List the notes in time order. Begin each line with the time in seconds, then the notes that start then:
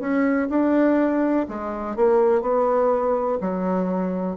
0.00 C#4
0.50 D4
1.49 G#3
1.96 A#3
2.42 B3
3.41 F#3